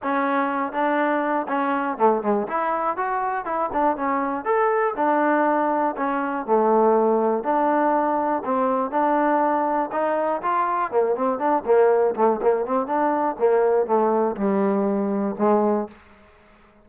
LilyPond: \new Staff \with { instrumentName = "trombone" } { \time 4/4 \tempo 4 = 121 cis'4. d'4. cis'4 | a8 gis8 e'4 fis'4 e'8 d'8 | cis'4 a'4 d'2 | cis'4 a2 d'4~ |
d'4 c'4 d'2 | dis'4 f'4 ais8 c'8 d'8 ais8~ | ais8 a8 ais8 c'8 d'4 ais4 | a4 g2 gis4 | }